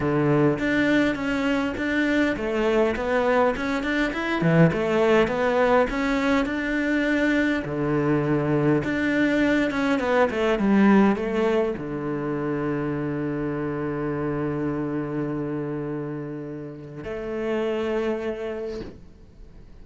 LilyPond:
\new Staff \with { instrumentName = "cello" } { \time 4/4 \tempo 4 = 102 d4 d'4 cis'4 d'4 | a4 b4 cis'8 d'8 e'8 e8 | a4 b4 cis'4 d'4~ | d'4 d2 d'4~ |
d'8 cis'8 b8 a8 g4 a4 | d1~ | d1~ | d4 a2. | }